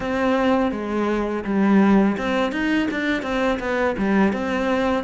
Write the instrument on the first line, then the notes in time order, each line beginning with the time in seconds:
cello
0.00 C4
0.71 G#3
1.44 G3
2.17 C4
2.51 D#4
2.90 D4
3.22 C4
3.59 B3
3.98 G3
4.32 C4